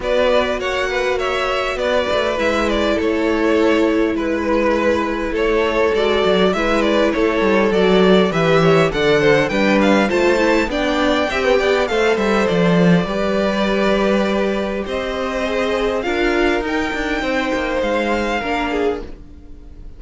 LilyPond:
<<
  \new Staff \with { instrumentName = "violin" } { \time 4/4 \tempo 4 = 101 d''4 fis''4 e''4 d''4 | e''8 d''8 cis''2 b'4~ | b'4 cis''4 d''4 e''8 d''8 | cis''4 d''4 e''4 fis''4 |
g''8 f''8 a''4 g''2 | f''8 e''8 d''2.~ | d''4 dis''2 f''4 | g''2 f''2 | }
  \new Staff \with { instrumentName = "violin" } { \time 4/4 b'4 cis''8 b'8 cis''4 b'4~ | b'4 a'2 b'4~ | b'4 a'2 b'4 | a'2 b'8 cis''8 d''8 c''8 |
b'4 c''4 d''4 e''16 b16 d''8 | c''2 b'2~ | b'4 c''2 ais'4~ | ais'4 c''2 ais'8 gis'8 | }
  \new Staff \with { instrumentName = "viola" } { \time 4/4 fis'1 | e'1~ | e'2 fis'4 e'4~ | e'4 fis'4 g'4 a'4 |
d'4 f'8 e'8 d'4 g'4 | a'2 g'2~ | g'2 gis'4 f'4 | dis'2. d'4 | }
  \new Staff \with { instrumentName = "cello" } { \time 4/4 b4 ais2 b8 a8 | gis4 a2 gis4~ | gis4 a4 gis8 fis8 gis4 | a8 g8 fis4 e4 d4 |
g4 a4 b4 c'8 b8 | a8 g8 f4 g2~ | g4 c'2 d'4 | dis'8 d'8 c'8 ais8 gis4 ais4 | }
>>